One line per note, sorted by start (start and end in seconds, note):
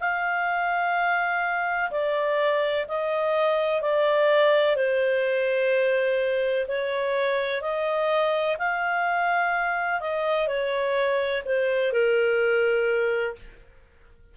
0.00 1.90 F5
1.91 2.86 D5
2.88 3.82 D#5
3.82 4.76 D5
4.76 6.67 C5
6.68 7.62 C#5
7.62 8.57 D#5
8.58 10.01 F5
10.01 10.48 D#5
10.48 11.43 C#5
11.45 11.93 C5
11.93 13.35 A#4